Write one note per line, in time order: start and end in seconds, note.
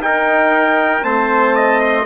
0.00 1.02 D#4
0.00 1.05 A#4
0.00 1.04 G5
1.02 2.05 A3
1.02 2.03 C4
1.02 1.55 C5
1.02 1.80 A5
1.55 2.05 D#5
1.80 2.05 C6